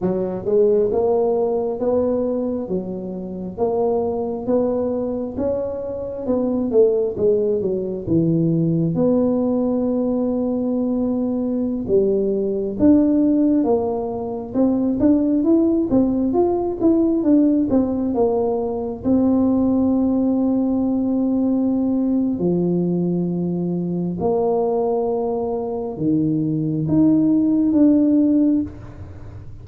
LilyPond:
\new Staff \with { instrumentName = "tuba" } { \time 4/4 \tempo 4 = 67 fis8 gis8 ais4 b4 fis4 | ais4 b4 cis'4 b8 a8 | gis8 fis8 e4 b2~ | b4~ b16 g4 d'4 ais8.~ |
ais16 c'8 d'8 e'8 c'8 f'8 e'8 d'8 c'16~ | c'16 ais4 c'2~ c'8.~ | c'4 f2 ais4~ | ais4 dis4 dis'4 d'4 | }